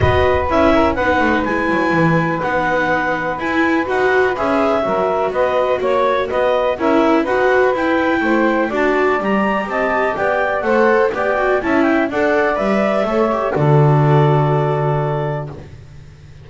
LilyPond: <<
  \new Staff \with { instrumentName = "clarinet" } { \time 4/4 \tempo 4 = 124 dis''4 e''4 fis''4 gis''4~ | gis''4 fis''2 gis''4 | fis''4 e''2 dis''4 | cis''4 dis''4 e''4 fis''4 |
g''2 a''4 ais''4 | a''4 g''4 fis''4 g''4 | a''8 g''8 fis''4 e''2 | d''1 | }
  \new Staff \with { instrumentName = "saxophone" } { \time 4/4 b'4. ais'8 b'2~ | b'1~ | b'2 ais'4 b'4 | cis''4 b'4 ais'4 b'4~ |
b'4 c''4 d''2 | dis''4 d''4 c''4 d''4 | e''4 d''2 cis''4 | a'1 | }
  \new Staff \with { instrumentName = "viola" } { \time 4/4 fis'4 e'4 dis'4 e'4~ | e'4 dis'2 e'4 | fis'4 gis'4 fis'2~ | fis'2 e'4 fis'4 |
e'2 fis'4 g'4~ | g'2 a'4 g'8 fis'8 | e'4 a'4 b'4 a'8 g'8 | fis'1 | }
  \new Staff \with { instrumentName = "double bass" } { \time 4/4 b4 cis'4 b8 a8 gis8 fis8 | e4 b2 e'4 | dis'4 cis'4 fis4 b4 | ais4 b4 cis'4 dis'4 |
e'4 a4 d'4 g4 | c'4 b4 a4 b4 | cis'4 d'4 g4 a4 | d1 | }
>>